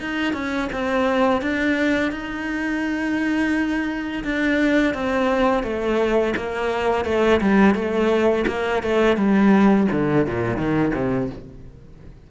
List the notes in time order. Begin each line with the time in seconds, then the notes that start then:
0.00 D#4
0.33 C#4
0.73 C4
1.42 D4
2.12 D#4
4.24 D4
4.94 C4
5.63 A3
6.37 A#3
7.05 A3
7.41 G3
7.75 A3
8.47 A#3
8.83 A3
9.17 G3
9.92 D3
10.26 A#2
10.57 D#3
10.94 C3